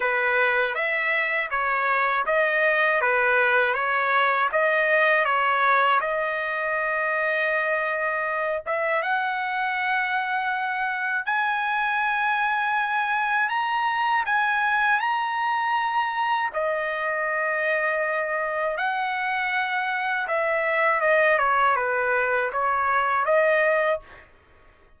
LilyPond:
\new Staff \with { instrumentName = "trumpet" } { \time 4/4 \tempo 4 = 80 b'4 e''4 cis''4 dis''4 | b'4 cis''4 dis''4 cis''4 | dis''2.~ dis''8 e''8 | fis''2. gis''4~ |
gis''2 ais''4 gis''4 | ais''2 dis''2~ | dis''4 fis''2 e''4 | dis''8 cis''8 b'4 cis''4 dis''4 | }